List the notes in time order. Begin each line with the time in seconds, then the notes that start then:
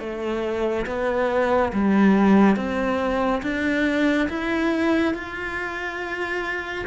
0.00 A3
0.86 B3
1.73 G3
2.56 C4
3.43 D4
4.29 E4
5.14 F4